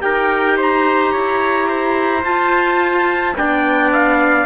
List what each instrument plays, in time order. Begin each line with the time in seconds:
0.00 cello D#4, clarinet G4, trumpet A#4 G5
0.57 trumpet C5 A#5
1.12 cello E4, trumpet C#5
1.69 trumpet C5
2.23 cello F4, clarinet F4, trumpet A5
3.36 cello B3, clarinet D4, trumpet D5 G5
3.93 trumpet F5